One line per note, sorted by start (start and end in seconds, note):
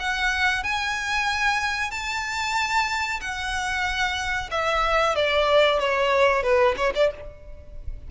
0.00 0.64 F#5
0.64 1.91 G#5
1.91 3.21 A5
3.21 4.50 F#5
4.51 5.16 E5
5.16 5.79 D5
5.79 6.43 C#5
6.43 6.75 B4
6.77 6.93 C#5
6.95 7.11 D5